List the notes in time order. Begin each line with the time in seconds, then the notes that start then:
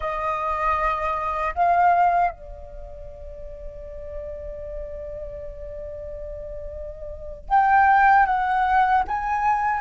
0.00 D#5
1.54 F5
2.31 D5
7.49 G5
8.26 F#5
9.07 G#5